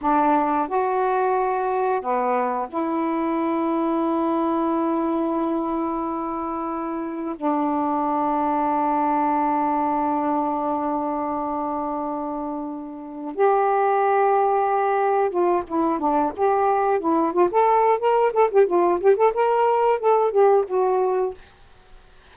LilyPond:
\new Staff \with { instrumentName = "saxophone" } { \time 4/4 \tempo 4 = 90 d'4 fis'2 b4 | e'1~ | e'2. d'4~ | d'1~ |
d'1 | g'2. f'8 e'8 | d'8 g'4 e'8 f'16 a'8. ais'8 a'16 g'16 | f'8 g'16 a'16 ais'4 a'8 g'8 fis'4 | }